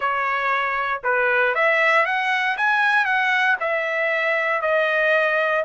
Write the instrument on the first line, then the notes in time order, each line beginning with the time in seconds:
trumpet
0.00 C#5
1.03 B4
1.55 E5
2.05 F#5
2.57 G#5
3.05 F#5
3.59 E5
4.61 D#5